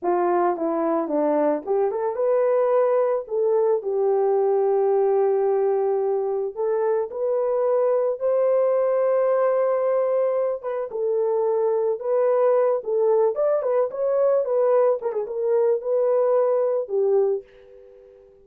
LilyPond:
\new Staff \with { instrumentName = "horn" } { \time 4/4 \tempo 4 = 110 f'4 e'4 d'4 g'8 a'8 | b'2 a'4 g'4~ | g'1 | a'4 b'2 c''4~ |
c''2.~ c''8 b'8 | a'2 b'4. a'8~ | a'8 d''8 b'8 cis''4 b'4 ais'16 gis'16 | ais'4 b'2 g'4 | }